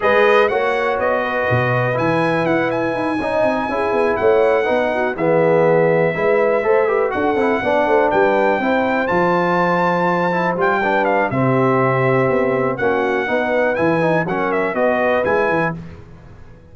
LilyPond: <<
  \new Staff \with { instrumentName = "trumpet" } { \time 4/4 \tempo 4 = 122 dis''4 fis''4 dis''2 | gis''4 fis''8 gis''2~ gis''8~ | gis''8 fis''2 e''4.~ | e''2~ e''8 fis''4.~ |
fis''8 g''2 a''4.~ | a''4. g''4 f''8 e''4~ | e''2 fis''2 | gis''4 fis''8 e''8 dis''4 gis''4 | }
  \new Staff \with { instrumentName = "horn" } { \time 4/4 b'4 cis''4. b'4.~ | b'2~ b'8 dis''4 gis'8~ | gis'8 cis''4 b'8 fis'8 gis'4.~ | gis'8 b'4 c''8 b'8 a'4 d''8 |
c''8 b'4 c''2~ c''8~ | c''2 b'4 g'4~ | g'2 fis'4 b'4~ | b'4 ais'4 b'2 | }
  \new Staff \with { instrumentName = "trombone" } { \time 4/4 gis'4 fis'2. | e'2~ e'8 dis'4 e'8~ | e'4. dis'4 b4.~ | b8 e'4 a'8 g'8 fis'8 e'8 d'8~ |
d'4. e'4 f'4.~ | f'4 e'8 f'8 d'4 c'4~ | c'2 cis'4 dis'4 | e'8 dis'8 cis'4 fis'4 e'4 | }
  \new Staff \with { instrumentName = "tuba" } { \time 4/4 gis4 ais4 b4 b,4 | e4 e'4 dis'8 cis'8 c'8 cis'8 | b8 a4 b4 e4.~ | e8 gis4 a4 d'8 c'8 b8 |
a8 g4 c'4 f4.~ | f4. g4. c4~ | c4 b4 ais4 b4 | e4 fis4 b4 gis8 e8 | }
>>